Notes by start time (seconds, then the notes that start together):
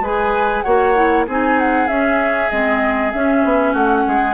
0.00 G#3 G#4 B4 G#5
0.62 A#3 F#4 C#5 F#5
0.95 E4
1.26 C4 D#4 G#4 G#5
1.59 F#5
1.87 C#4 E5
2.49 G#3 C4 D#5
3.12 C#4 E5
3.44 B3
3.72 A3 F#4 F#5
4.07 G#3 G#4